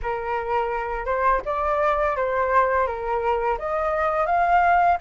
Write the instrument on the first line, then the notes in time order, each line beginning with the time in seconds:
flute
0.02 A#4
1.05 C5
1.44 D5
2.16 C5
2.86 A#4
3.58 D#5
4.26 F5